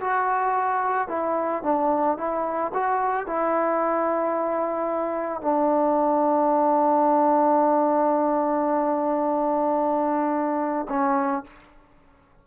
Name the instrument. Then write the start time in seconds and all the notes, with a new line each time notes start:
trombone
0.00 F#4
1.08 E4
1.63 D4
2.17 E4
2.74 F#4
3.27 E4
5.41 D4
10.89 C#4